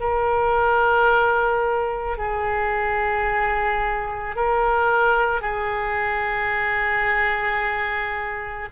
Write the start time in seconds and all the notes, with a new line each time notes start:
0.00 A#4
2.18 G#4
4.36 A#4
5.41 G#4